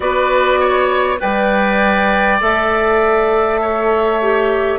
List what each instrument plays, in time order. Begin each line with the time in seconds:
0.00 bassoon B3, clarinet F#4, oboe B4, flute D5
0.59 oboe C#5
1.18 bassoon G3, clarinet B4, oboe D5, flute G5
2.40 bassoon A3, clarinet A4, flute E5
3.61 oboe C#5
4.21 clarinet G4